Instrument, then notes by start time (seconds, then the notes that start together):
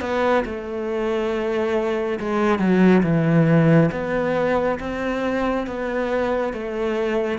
cello
0.00 B3
0.45 A3
2.19 G#3
2.58 F#3
3.03 E3
3.91 B3
4.79 C4
5.66 B3
6.53 A3